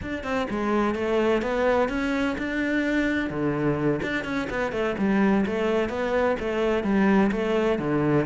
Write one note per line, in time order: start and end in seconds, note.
0.02 0.23 D4
0.23 0.47 C4
0.50 0.94 G#3
0.94 1.42 A3
1.42 1.89 B3
1.89 2.36 C#4
2.38 3.29 D4
3.29 4.00 D3
4.02 4.24 D4
4.24 4.48 C#4
4.49 4.72 B3
4.72 4.95 A3
4.98 5.45 G3
5.45 5.89 A3
5.89 6.36 B3
6.39 6.83 A3
6.83 7.31 G3
7.31 7.78 A3
7.78 8.25 D3